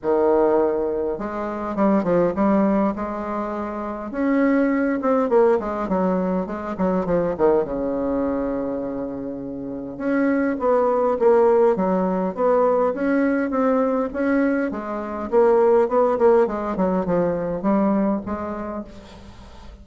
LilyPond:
\new Staff \with { instrumentName = "bassoon" } { \time 4/4 \tempo 4 = 102 dis2 gis4 g8 f8 | g4 gis2 cis'4~ | cis'8 c'8 ais8 gis8 fis4 gis8 fis8 | f8 dis8 cis2.~ |
cis4 cis'4 b4 ais4 | fis4 b4 cis'4 c'4 | cis'4 gis4 ais4 b8 ais8 | gis8 fis8 f4 g4 gis4 | }